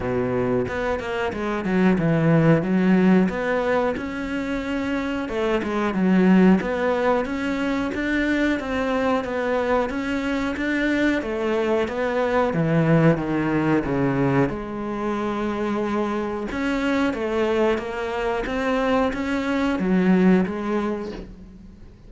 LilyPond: \new Staff \with { instrumentName = "cello" } { \time 4/4 \tempo 4 = 91 b,4 b8 ais8 gis8 fis8 e4 | fis4 b4 cis'2 | a8 gis8 fis4 b4 cis'4 | d'4 c'4 b4 cis'4 |
d'4 a4 b4 e4 | dis4 cis4 gis2~ | gis4 cis'4 a4 ais4 | c'4 cis'4 fis4 gis4 | }